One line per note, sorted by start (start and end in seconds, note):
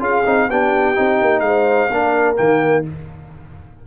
0.00 0.24 C#4
0.00 0.24 F4
0.00 0.48 G#4
0.00 0.50 F5
0.26 0.49 C4
0.26 0.50 D#4
0.48 0.97 B3
0.48 0.95 D4
0.48 1.42 G4
0.48 1.40 G5
0.95 1.21 C4
0.95 1.90 D#4
1.21 1.41 A#3
1.40 1.88 G#3
1.40 2.35 F5
1.46 1.91 C5
1.91 2.38 A#3
1.91 2.36 D4
1.91 2.85 A#4
2.36 2.87 D#3
2.36 2.83 A#3
2.36 2.84 G5